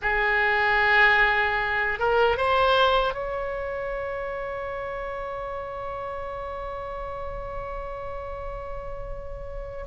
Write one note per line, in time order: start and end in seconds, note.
0.01 1.99 G#4
1.99 2.37 A#4
2.37 3.14 C5
3.14 9.85 C#5